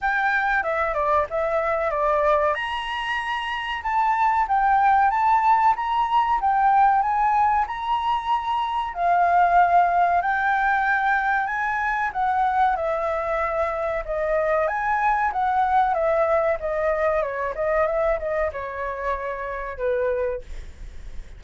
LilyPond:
\new Staff \with { instrumentName = "flute" } { \time 4/4 \tempo 4 = 94 g''4 e''8 d''8 e''4 d''4 | ais''2 a''4 g''4 | a''4 ais''4 g''4 gis''4 | ais''2 f''2 |
g''2 gis''4 fis''4 | e''2 dis''4 gis''4 | fis''4 e''4 dis''4 cis''8 dis''8 | e''8 dis''8 cis''2 b'4 | }